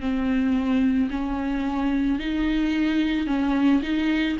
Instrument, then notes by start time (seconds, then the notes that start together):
viola
0.00 C4
1.11 C#4
2.19 D#4
3.27 C#4
3.82 D#4